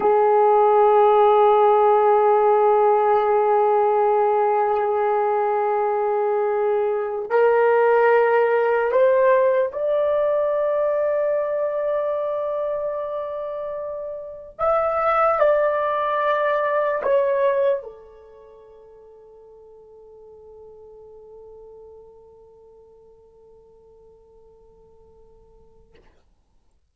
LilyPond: \new Staff \with { instrumentName = "horn" } { \time 4/4 \tempo 4 = 74 gis'1~ | gis'1~ | gis'4 ais'2 c''4 | d''1~ |
d''2 e''4 d''4~ | d''4 cis''4 a'2~ | a'1~ | a'1 | }